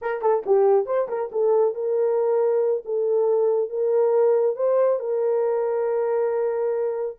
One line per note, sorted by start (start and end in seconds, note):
0.01 0.21 A#4
0.21 0.43 A4
0.45 0.86 G4
0.86 1.08 C5
1.08 1.30 A#4
1.32 1.74 A4
1.74 2.83 A#4
2.85 3.69 A4
3.69 4.56 A#4
4.56 4.99 C5
4.99 7.16 A#4